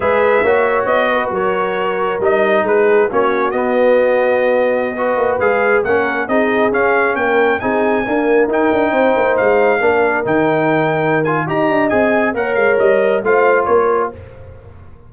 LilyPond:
<<
  \new Staff \with { instrumentName = "trumpet" } { \time 4/4 \tempo 4 = 136 e''2 dis''4 cis''4~ | cis''4 dis''4 b'4 cis''4 | dis''1~ | dis''16 f''4 fis''4 dis''4 f''8.~ |
f''16 g''4 gis''2 g''8.~ | g''4~ g''16 f''2 g''8.~ | g''4. gis''8 ais''4 gis''4 | fis''8 f''8 dis''4 f''4 cis''4 | }
  \new Staff \with { instrumentName = "horn" } { \time 4/4 b'4 cis''4. b'8 ais'4~ | ais'2 gis'4 fis'4~ | fis'2.~ fis'16 b'8.~ | b'4~ b'16 ais'4 gis'4.~ gis'16~ |
gis'16 ais'4 gis'4 ais'4.~ ais'16~ | ais'16 c''2 ais'4.~ ais'16~ | ais'2 dis''2 | cis''2 c''4 ais'4 | }
  \new Staff \with { instrumentName = "trombone" } { \time 4/4 gis'4 fis'2.~ | fis'4 dis'2 cis'4 | b2.~ b16 fis'8.~ | fis'16 gis'4 cis'4 dis'4 cis'8.~ |
cis'4~ cis'16 dis'4 ais4 dis'8.~ | dis'2~ dis'16 d'4 dis'8.~ | dis'4. f'8 g'4 gis'4 | ais'2 f'2 | }
  \new Staff \with { instrumentName = "tuba" } { \time 4/4 gis4 ais4 b4 fis4~ | fis4 g4 gis4 ais4 | b2.~ b8. ais16~ | ais16 gis4 ais4 c'4 cis'8.~ |
cis'16 ais4 c'4 d'4 dis'8 d'16~ | d'16 c'8 ais8 gis4 ais4 dis8.~ | dis2 dis'8 d'8 c'4 | ais8 gis8 g4 a4 ais4 | }
>>